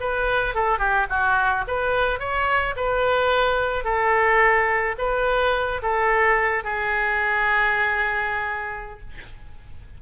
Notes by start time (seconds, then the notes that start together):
0.00 B4
0.54 A4
0.79 G4
1.09 F#4
1.67 B4
2.19 C#5
2.76 B4
3.84 A4
4.98 B4
5.82 A4
6.64 G#4